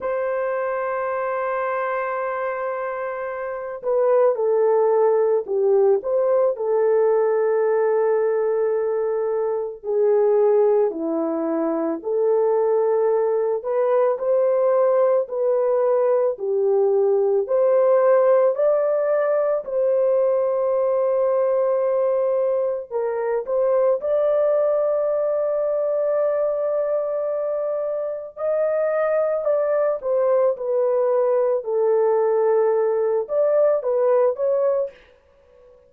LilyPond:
\new Staff \with { instrumentName = "horn" } { \time 4/4 \tempo 4 = 55 c''2.~ c''8 b'8 | a'4 g'8 c''8 a'2~ | a'4 gis'4 e'4 a'4~ | a'8 b'8 c''4 b'4 g'4 |
c''4 d''4 c''2~ | c''4 ais'8 c''8 d''2~ | d''2 dis''4 d''8 c''8 | b'4 a'4. d''8 b'8 cis''8 | }